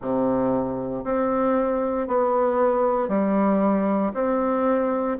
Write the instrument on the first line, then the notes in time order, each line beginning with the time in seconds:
bassoon
0.01 C3
1.03 C4
2.07 B3
3.08 G3
4.14 C4